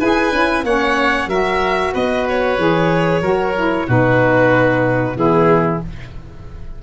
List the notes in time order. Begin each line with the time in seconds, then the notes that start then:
0.00 E4 G#4 B4 G#5
0.32 C#4 E4
0.64 A#3 C#4 C#5 F#5
1.27 F#3 F#4 A#4 E5
1.93 B3 B4 D#5
2.29 C#5
2.58 E3 G#4
3.22 F#3 F#4 A#4
3.56 E4
3.87 B2 D#4 F#4 B4
5.16 E3 B3 E4 G#4